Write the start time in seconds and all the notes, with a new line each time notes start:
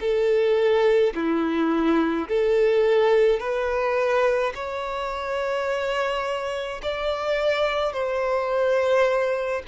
0.00 A4
1.14 E4
2.28 A4
3.40 B4
4.54 C#5
6.82 D5
7.92 C5